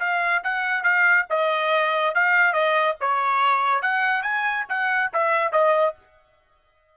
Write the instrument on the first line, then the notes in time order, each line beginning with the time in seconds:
trumpet
0.00 F5
0.44 F#5
0.84 F5
1.30 D#5
2.15 F5
2.53 D#5
3.01 C#5
3.82 F#5
4.23 G#5
4.69 F#5
5.14 E5
5.53 D#5